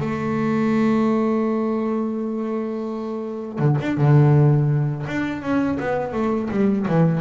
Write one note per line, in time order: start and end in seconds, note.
0.00 3.59 A3
3.59 3.77 D3
3.81 3.97 D4
3.97 5.06 D3
5.07 5.42 D4
5.42 5.78 C#4
5.80 6.13 B3
6.13 6.49 A3
6.50 6.86 G3
6.88 7.21 E3